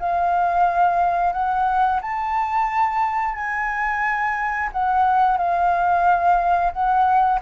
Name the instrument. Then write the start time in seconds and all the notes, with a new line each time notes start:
flute
0.00 F5
1.33 F#5
2.02 A5
3.36 G#5
4.73 F#5
5.38 F5
6.73 F#5